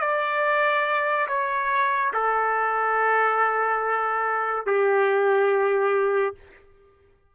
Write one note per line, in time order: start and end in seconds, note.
0.00 1.27 D5
1.27 2.12 C#5
2.13 4.66 A4
4.66 6.35 G4